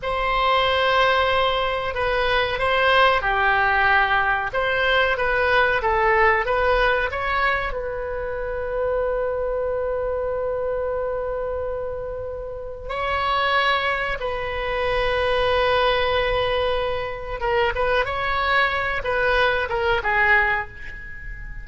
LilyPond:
\new Staff \with { instrumentName = "oboe" } { \time 4/4 \tempo 4 = 93 c''2. b'4 | c''4 g'2 c''4 | b'4 a'4 b'4 cis''4 | b'1~ |
b'1 | cis''2 b'2~ | b'2. ais'8 b'8 | cis''4. b'4 ais'8 gis'4 | }